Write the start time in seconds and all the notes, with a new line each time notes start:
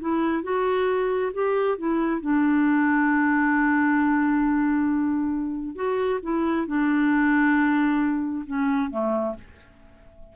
0.00 E4
0.43 F#4
1.33 G4
1.78 E4
2.21 D4
5.75 F#4
6.22 E4
6.67 D4
8.46 C#4
8.91 A3